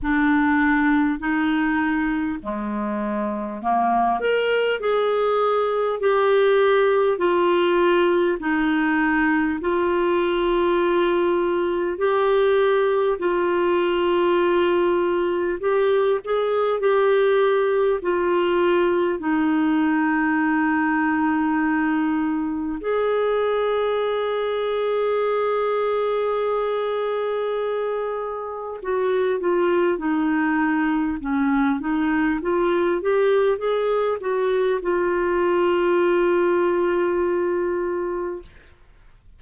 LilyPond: \new Staff \with { instrumentName = "clarinet" } { \time 4/4 \tempo 4 = 50 d'4 dis'4 gis4 ais8 ais'8 | gis'4 g'4 f'4 dis'4 | f'2 g'4 f'4~ | f'4 g'8 gis'8 g'4 f'4 |
dis'2. gis'4~ | gis'1 | fis'8 f'8 dis'4 cis'8 dis'8 f'8 g'8 | gis'8 fis'8 f'2. | }